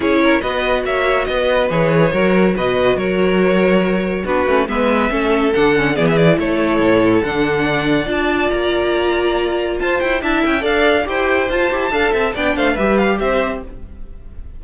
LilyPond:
<<
  \new Staff \with { instrumentName = "violin" } { \time 4/4 \tempo 4 = 141 cis''4 dis''4 e''4 dis''4 | cis''2 dis''4 cis''4~ | cis''2 b'4 e''4~ | e''4 fis''4 d''16 e''16 d''8 cis''4~ |
cis''4 fis''2 a''4 | ais''2. a''8 g''8 | a''8 g''8 f''4 g''4 a''4~ | a''4 g''8 f''8 e''8 f''8 e''4 | }
  \new Staff \with { instrumentName = "violin" } { \time 4/4 gis'8 ais'8 b'4 cis''4 b'4~ | b'4 ais'4 b'4 ais'4~ | ais'2 fis'4 b'4 | a'2 gis'4 a'4~ |
a'2 d''2~ | d''2. c''4 | e''4 d''4 c''2 | f''8 e''8 d''8 c''8 b'4 c''4 | }
  \new Staff \with { instrumentName = "viola" } { \time 4/4 e'4 fis'2. | gis'4 fis'2.~ | fis'2 d'8 cis'8 b4 | cis'4 d'8 cis'8 b8 e'4.~ |
e'4 d'2 f'4~ | f'1 | e'4 a'4 g'4 f'8 g'8 | a'4 d'4 g'2 | }
  \new Staff \with { instrumentName = "cello" } { \time 4/4 cis'4 b4 ais4 b4 | e4 fis4 b,4 fis4~ | fis2 b8 a8 gis4 | a4 d4 e4 a4 |
a,4 d2 d'4 | ais2. f'8 e'8 | d'8 cis'8 d'4 e'4 f'8 e'8 | d'8 c'8 b8 a8 g4 c'4 | }
>>